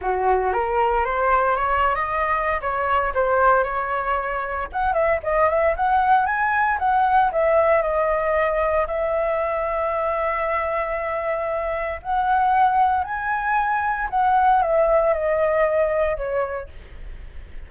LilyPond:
\new Staff \with { instrumentName = "flute" } { \time 4/4 \tempo 4 = 115 fis'4 ais'4 c''4 cis''8. dis''16~ | dis''4 cis''4 c''4 cis''4~ | cis''4 fis''8 e''8 dis''8 e''8 fis''4 | gis''4 fis''4 e''4 dis''4~ |
dis''4 e''2.~ | e''2. fis''4~ | fis''4 gis''2 fis''4 | e''4 dis''2 cis''4 | }